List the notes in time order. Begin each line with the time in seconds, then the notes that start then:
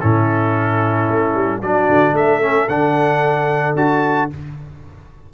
0.00 A2 C#4 E4 A4
1.09 A3
1.34 G3
1.60 F#3 D4 F#4 D5
1.88 D3
2.12 A3 E5
2.19 A4
2.41 C#4
2.68 D3 D4 F#5
3.75 D4 F#4 A5